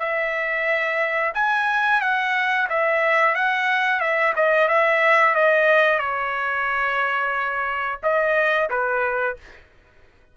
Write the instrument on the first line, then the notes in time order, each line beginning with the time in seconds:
trumpet
0.00 E5
1.35 G#5
2.02 F#5
2.70 E5
3.35 F#5
4.01 E5
4.36 D#5
4.68 E5
5.35 D#5
5.99 C#5
8.03 D#5
8.70 B4